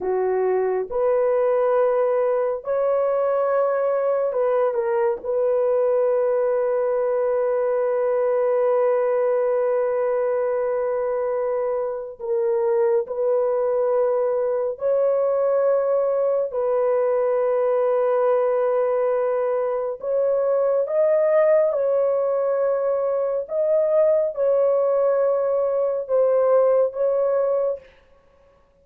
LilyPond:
\new Staff \with { instrumentName = "horn" } { \time 4/4 \tempo 4 = 69 fis'4 b'2 cis''4~ | cis''4 b'8 ais'8 b'2~ | b'1~ | b'2 ais'4 b'4~ |
b'4 cis''2 b'4~ | b'2. cis''4 | dis''4 cis''2 dis''4 | cis''2 c''4 cis''4 | }